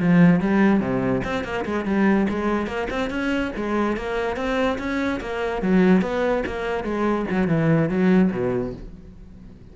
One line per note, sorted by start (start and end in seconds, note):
0.00 0.41 F3
0.41 0.81 G3
0.81 1.22 C3
1.25 1.45 C4
1.45 1.65 A#3
1.66 1.86 G#3
1.86 2.27 G3
2.30 2.67 G#3
2.67 2.88 A#3
2.90 3.11 C4
3.11 3.52 C#4
3.57 3.97 G#3
3.97 4.37 A#3
4.37 4.78 C4
4.79 5.21 C#4
5.21 5.62 A#3
5.62 6.02 F#3
6.02 6.44 B3
6.47 6.84 A#3
6.84 7.26 G#3
7.31 7.48 F#3
7.48 7.90 E3
7.90 8.31 F#3
8.32 8.73 B2